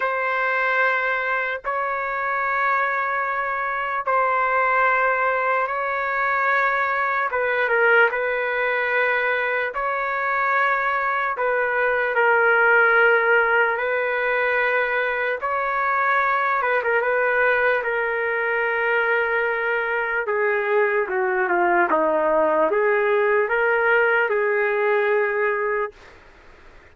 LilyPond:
\new Staff \with { instrumentName = "trumpet" } { \time 4/4 \tempo 4 = 74 c''2 cis''2~ | cis''4 c''2 cis''4~ | cis''4 b'8 ais'8 b'2 | cis''2 b'4 ais'4~ |
ais'4 b'2 cis''4~ | cis''8 b'16 ais'16 b'4 ais'2~ | ais'4 gis'4 fis'8 f'8 dis'4 | gis'4 ais'4 gis'2 | }